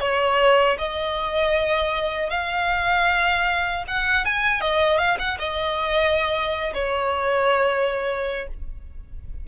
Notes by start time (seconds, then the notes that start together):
0.00 C#5
0.78 D#5
2.30 F5
3.88 F#5
4.25 G#5
4.61 D#5
4.98 F5
5.19 F#5
5.39 D#5
6.74 C#5